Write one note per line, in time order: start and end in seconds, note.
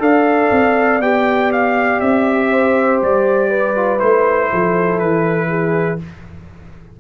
0.00 0.50 D4
0.00 1.00 A4
0.00 2.50 D5
0.00 1.02 F5
0.51 1.00 C4
1.00 2.00 B3
1.00 3.76 G4
1.00 1.52 G5
1.52 2.00 F5
2.00 3.01 C4
2.00 3.00 E5
2.50 3.49 C5
3.02 4.02 G3
3.02 4.00 D5
3.49 4.49 B4
3.76 3.99 F4
3.99 4.52 A3
3.99 5.99 E4
3.99 4.99 C5
4.51 5.00 F3
4.51 5.49 A4
4.99 6.00 E3
4.99 5.99 B4
5.49 5.99 G#4